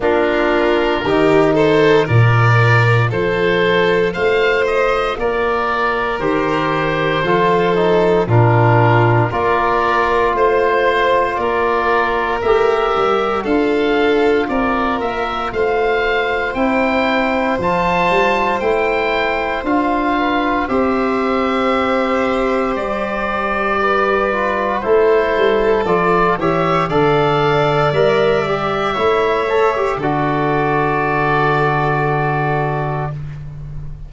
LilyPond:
<<
  \new Staff \with { instrumentName = "oboe" } { \time 4/4 \tempo 4 = 58 ais'4. c''8 d''4 c''4 | f''8 dis''8 d''4 c''2 | ais'4 d''4 c''4 d''4 | e''4 f''4 d''8 e''8 f''4 |
g''4 a''4 g''4 f''4 | e''2 d''2 | c''4 d''8 e''8 f''4 e''4~ | e''4 d''2. | }
  \new Staff \with { instrumentName = "violin" } { \time 4/4 f'4 g'8 a'8 ais'4 a'4 | c''4 ais'2 a'4 | f'4 ais'4 c''4 ais'4~ | ais'4 a'4 ais'4 c''4~ |
c''2.~ c''8 b'8 | c''2. b'4 | a'4. cis''8 d''2 | cis''4 a'2. | }
  \new Staff \with { instrumentName = "trombone" } { \time 4/4 d'4 dis'4 f'2~ | f'2 g'4 f'8 dis'8 | d'4 f'2. | g'4 f'2. |
e'4 f'4 e'4 f'4 | g'2.~ g'8 f'8 | e'4 f'8 g'8 a'4 ais'8 g'8 | e'8 a'16 g'16 fis'2. | }
  \new Staff \with { instrumentName = "tuba" } { \time 4/4 ais4 dis4 ais,4 f4 | a4 ais4 dis4 f4 | ais,4 ais4 a4 ais4 | a8 g8 d'4 c'8 ais8 a4 |
c'4 f8 g8 a4 d'4 | c'2 g2 | a8 g8 f8 e8 d4 g4 | a4 d2. | }
>>